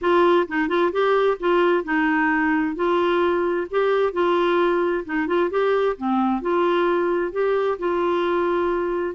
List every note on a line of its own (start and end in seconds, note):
0.01 0.47 F4
0.47 0.68 D#4
0.68 0.91 F4
0.91 1.37 G4
1.39 1.83 F4
1.83 2.75 D#4
2.75 3.67 F4
3.70 4.13 G4
4.13 5.04 F4
5.05 5.27 D#4
5.27 5.50 F4
5.50 5.96 G4
5.97 6.41 C4
6.41 7.32 F4
7.32 7.78 G4
7.79 9.15 F4